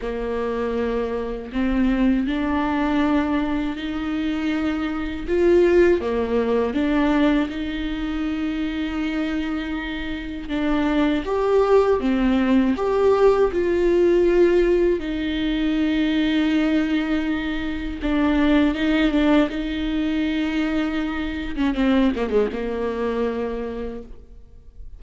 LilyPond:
\new Staff \with { instrumentName = "viola" } { \time 4/4 \tempo 4 = 80 ais2 c'4 d'4~ | d'4 dis'2 f'4 | ais4 d'4 dis'2~ | dis'2 d'4 g'4 |
c'4 g'4 f'2 | dis'1 | d'4 dis'8 d'8 dis'2~ | dis'8. cis'16 c'8 ais16 gis16 ais2 | }